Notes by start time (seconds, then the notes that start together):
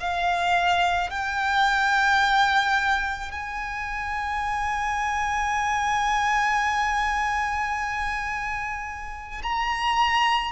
0.00 F5
1.10 G5
3.31 G#5
9.42 A#5